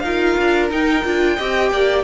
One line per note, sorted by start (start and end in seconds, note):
0.00 0.37 D#4
0.00 0.71 F4
0.00 1.36 A#4
0.00 0.67 F5
0.38 0.71 D4
0.71 1.04 D#4
0.71 1.05 D#4
0.71 2.04 G5
1.05 1.39 D4
1.05 1.39 F4
1.36 1.72 C4
1.36 2.04 G4
1.36 1.70 D#5
1.72 2.04 A#3
1.72 2.04 D5